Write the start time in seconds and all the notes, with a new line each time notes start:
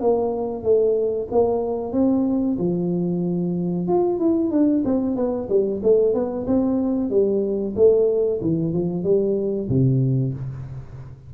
0.00 A#3
0.63 A3
1.31 A#3
1.92 C4
2.58 F3
3.87 F4
4.19 E4
4.50 D4
4.84 C4
5.16 B3
5.49 G3
5.83 A3
6.13 B3
6.47 C4
7.10 G3
7.76 A3
8.41 E3
8.73 F3
9.04 G3
9.69 C3